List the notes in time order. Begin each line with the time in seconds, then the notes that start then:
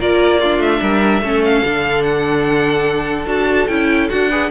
0.00 A#3 F4 A#4 D5
0.40 D4 F4
0.60 A3 E5
0.82 G3 A#4
1.21 A3 C#4 A4
1.45 F5
1.64 D3 D4
2.04 F#5
3.26 D4 F#4 A5
3.68 C#4 E4 G5
4.10 D4 F#4 F#5
4.30 G#4 B4